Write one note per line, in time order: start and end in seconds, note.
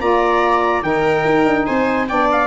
0.00 0.82 A#3
0.00 0.82 F4
0.00 0.84 D5
0.00 0.83 A#5
0.82 1.24 D#3
0.82 2.07 D#4
0.82 1.66 A#4
0.82 1.66 G5
1.25 1.45 D#4
1.45 1.66 D4
1.66 2.11 C4
1.66 2.08 C5
1.66 2.07 G#5
2.08 2.47 B3
2.08 2.47 D4
2.08 2.47 D5
2.08 2.29 G5
2.32 2.47 F5